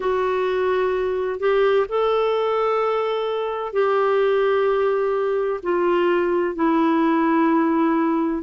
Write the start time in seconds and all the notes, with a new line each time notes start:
0.00 F#4
1.39 G4
1.88 A4
3.72 G4
5.62 F4
6.55 E4